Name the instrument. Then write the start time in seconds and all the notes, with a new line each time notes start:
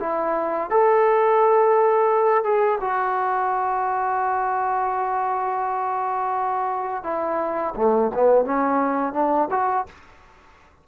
trombone
0.00 E4
0.71 A4
2.44 G#4
2.81 F#4
7.04 E4
7.76 A3
8.15 B3
8.45 C#4
9.13 D4
9.51 F#4